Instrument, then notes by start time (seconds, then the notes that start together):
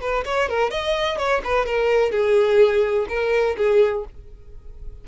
violin
0.00 B4
0.25 C#5
0.48 A#4
0.70 D#5
1.17 C#5
1.44 B4
1.65 A#4
2.11 G#4
3.08 A#4
3.57 G#4